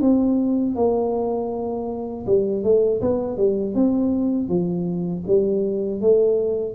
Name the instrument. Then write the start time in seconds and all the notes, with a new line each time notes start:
tuba
0.00 C4
0.75 A#3
2.26 G3
2.63 A3
3.01 B3
3.36 G3
3.74 C4
4.48 F3
5.26 G3
6.01 A3